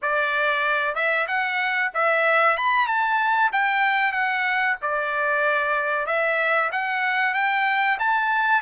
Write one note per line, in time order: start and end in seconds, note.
0.02 0.95 D5
0.95 1.26 E5
1.27 1.91 F#5
1.94 2.57 E5
2.57 2.87 B5
2.87 3.50 A5
3.52 4.12 G5
4.12 4.76 F#5
4.81 6.06 D5
6.06 6.70 E5
6.72 7.34 F#5
7.34 7.98 G5
7.99 8.61 A5